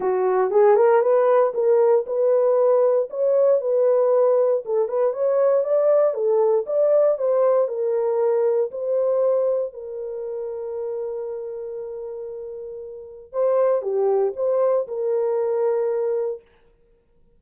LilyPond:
\new Staff \with { instrumentName = "horn" } { \time 4/4 \tempo 4 = 117 fis'4 gis'8 ais'8 b'4 ais'4 | b'2 cis''4 b'4~ | b'4 a'8 b'8 cis''4 d''4 | a'4 d''4 c''4 ais'4~ |
ais'4 c''2 ais'4~ | ais'1~ | ais'2 c''4 g'4 | c''4 ais'2. | }